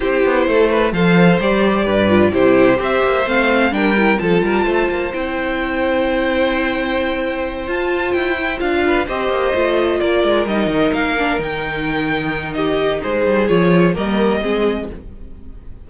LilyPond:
<<
  \new Staff \with { instrumentName = "violin" } { \time 4/4 \tempo 4 = 129 c''2 f''4 d''4~ | d''4 c''4 e''4 f''4 | g''4 a''2 g''4~ | g''1~ |
g''8 a''4 g''4 f''4 dis''8~ | dis''4. d''4 dis''4 f''8~ | f''8 g''2~ g''8 dis''4 | c''4 cis''4 dis''2 | }
  \new Staff \with { instrumentName = "violin" } { \time 4/4 g'4 a'8 b'8 c''2 | b'4 g'4 c''2 | ais'4 a'8 ais'8 c''2~ | c''1~ |
c''2. b'8 c''8~ | c''4. ais'2~ ais'8~ | ais'2. g'4 | gis'2 ais'4 gis'4 | }
  \new Staff \with { instrumentName = "viola" } { \time 4/4 e'2 a'4 g'4~ | g'8 f'8 e'4 g'4 c'4 | d'8 e'8 f'2 e'4~ | e'1~ |
e'8 f'4. e'8 f'4 g'8~ | g'8 f'2 dis'4. | d'8 dis'2.~ dis'8~ | dis'4 f'4 ais4 c'4 | }
  \new Staff \with { instrumentName = "cello" } { \time 4/4 c'8 b8 a4 f4 g4 | g,4 c4 c'8 ais8 a4 | g4 f8 g8 a8 ais8 c'4~ | c'1~ |
c'8 f'4 e'4 d'4 c'8 | ais8 a4 ais8 gis8 g8 dis8 ais8~ | ais8 dis2.~ dis8 | gis8 g8 f4 g4 gis4 | }
>>